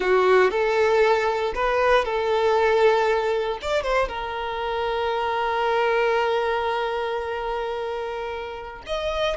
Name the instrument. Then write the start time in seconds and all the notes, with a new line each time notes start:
violin
0.00 F#4
0.50 A4
1.54 B4
2.04 A4
3.61 D5
3.83 C5
4.08 A#4
8.86 D#5